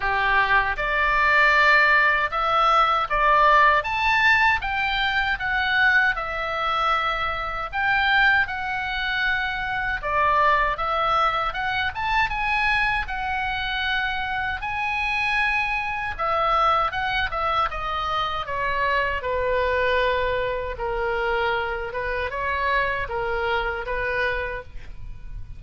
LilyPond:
\new Staff \with { instrumentName = "oboe" } { \time 4/4 \tempo 4 = 78 g'4 d''2 e''4 | d''4 a''4 g''4 fis''4 | e''2 g''4 fis''4~ | fis''4 d''4 e''4 fis''8 a''8 |
gis''4 fis''2 gis''4~ | gis''4 e''4 fis''8 e''8 dis''4 | cis''4 b'2 ais'4~ | ais'8 b'8 cis''4 ais'4 b'4 | }